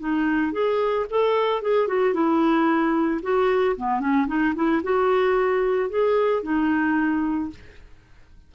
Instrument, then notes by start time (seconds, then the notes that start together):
clarinet
0.00 D#4
0.53 G#4
1.11 A4
1.62 G#4
1.88 F#4
2.14 E4
3.23 F#4
3.77 B3
4.00 C#4
4.28 D#4
4.55 E4
4.84 F#4
5.90 G#4
6.43 D#4